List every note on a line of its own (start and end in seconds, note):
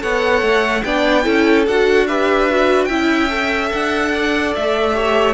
0.00 0.42 B3
0.00 0.82 A4
0.00 0.84 C#5
0.00 0.84 F#5
0.42 0.83 A3
0.84 1.27 B3
0.84 1.24 D4
0.84 1.25 D5
0.84 1.66 G5
1.24 1.67 C#4
1.24 1.65 E4
1.24 2.07 A4
1.67 2.90 D4
1.67 2.09 F#4
1.67 2.07 F#5
2.07 2.50 G4
2.07 2.89 B4
2.07 2.85 E5
2.50 2.90 F#4
2.85 3.72 C#4
2.85 3.30 E4
2.85 4.12 E5
2.85 3.67 G5
3.30 4.94 A4
3.73 4.56 D4
3.73 4.55 F#5
4.14 4.96 D5
4.55 5.34 A3
4.55 5.34 E5
4.94 5.34 G4
4.94 5.34 C#5